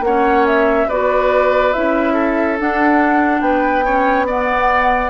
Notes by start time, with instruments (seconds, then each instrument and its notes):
0.00 bassoon A#3, clarinet C#4, oboe C#5, flute F#5
0.46 flute E5
0.87 bassoon B3, clarinet F#4, oboe B4, flute D5
1.73 bassoon C#4, clarinet E4, flute E5
2.13 oboe A4
2.58 clarinet D4, bassoon D4, flute F#5
3.40 bassoon B3, oboe B4, flute G5
3.85 clarinet C#4, oboe C#5
4.26 clarinet B3, oboe D5, flute F#5